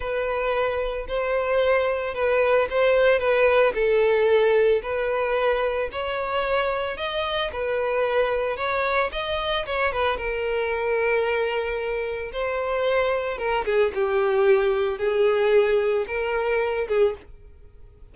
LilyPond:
\new Staff \with { instrumentName = "violin" } { \time 4/4 \tempo 4 = 112 b'2 c''2 | b'4 c''4 b'4 a'4~ | a'4 b'2 cis''4~ | cis''4 dis''4 b'2 |
cis''4 dis''4 cis''8 b'8 ais'4~ | ais'2. c''4~ | c''4 ais'8 gis'8 g'2 | gis'2 ais'4. gis'8 | }